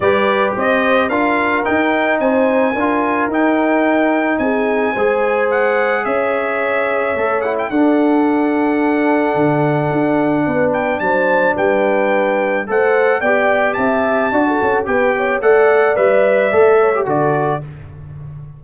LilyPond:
<<
  \new Staff \with { instrumentName = "trumpet" } { \time 4/4 \tempo 4 = 109 d''4 dis''4 f''4 g''4 | gis''2 g''2 | gis''2 fis''4 e''4~ | e''4. fis''16 g''16 fis''2~ |
fis''2.~ fis''8 g''8 | a''4 g''2 fis''4 | g''4 a''2 g''4 | fis''4 e''2 d''4 | }
  \new Staff \with { instrumentName = "horn" } { \time 4/4 b'4 c''4 ais'2 | c''4 ais'2. | gis'4 c''2 cis''4~ | cis''2 a'2~ |
a'2. b'4 | c''4 b'2 c''4 | d''4 e''4 d''16 a'8. b'8 cis''8 | d''2~ d''8 cis''8 a'4 | }
  \new Staff \with { instrumentName = "trombone" } { \time 4/4 g'2 f'4 dis'4~ | dis'4 f'4 dis'2~ | dis'4 gis'2.~ | gis'4 a'8 e'8 d'2~ |
d'1~ | d'2. a'4 | g'2 fis'4 g'4 | a'4 b'4 a'8. g'16 fis'4 | }
  \new Staff \with { instrumentName = "tuba" } { \time 4/4 g4 c'4 d'4 dis'4 | c'4 d'4 dis'2 | c'4 gis2 cis'4~ | cis'4 a4 d'2~ |
d'4 d4 d'4 b4 | fis4 g2 a4 | b4 c'4 d'8 cis'8 b4 | a4 g4 a4 d4 | }
>>